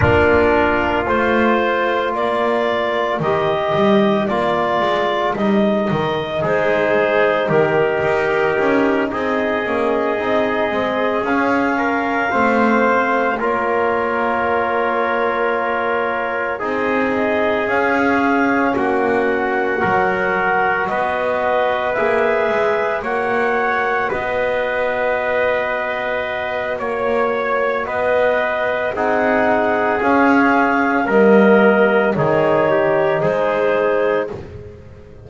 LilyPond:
<<
  \new Staff \with { instrumentName = "clarinet" } { \time 4/4 \tempo 4 = 56 ais'4 c''4 d''4 dis''4 | d''4 dis''4 c''4 ais'4~ | ais'8 dis''2 f''4.~ | f''8 cis''2. dis''8~ |
dis''8 f''4 fis''2 dis''8~ | dis''8 e''4 fis''4 dis''4.~ | dis''4 cis''4 dis''4 fis''4 | f''4 dis''4 cis''4 c''4 | }
  \new Staff \with { instrumentName = "trumpet" } { \time 4/4 f'2 ais'2~ | ais'2 gis'4 g'4~ | g'8 gis'2~ gis'8 ais'8 c''8~ | c''8 ais'2. gis'8~ |
gis'4. fis'4 ais'4 b'8~ | b'4. cis''4 b'4.~ | b'4 cis''4 b'4 gis'4~ | gis'4 ais'4 gis'8 g'8 gis'4 | }
  \new Staff \with { instrumentName = "trombone" } { \time 4/4 d'4 f'2 g'4 | f'4 dis'2.~ | dis'4 cis'8 dis'8 c'8 cis'4 c'8~ | c'8 f'2. dis'8~ |
dis'8 cis'2 fis'4.~ | fis'8 gis'4 fis'2~ fis'8~ | fis'2. dis'4 | cis'4 ais4 dis'2 | }
  \new Staff \with { instrumentName = "double bass" } { \time 4/4 ais4 a4 ais4 dis8 g8 | ais8 gis8 g8 dis8 gis4 dis8 dis'8 | cis'8 c'8 ais8 c'8 gis8 cis'4 a8~ | a8 ais2. c'8~ |
c'8 cis'4 ais4 fis4 b8~ | b8 ais8 gis8 ais4 b4.~ | b4 ais4 b4 c'4 | cis'4 g4 dis4 gis4 | }
>>